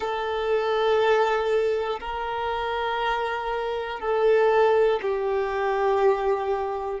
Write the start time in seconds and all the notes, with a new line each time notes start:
0.00 A4
2.00 A#4
4.00 A4
5.02 G4